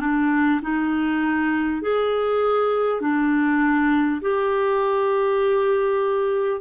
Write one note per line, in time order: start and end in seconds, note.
0.00 0.60 D4
0.62 1.81 D#4
1.81 3.01 G#4
3.01 4.21 D4
4.21 6.61 G4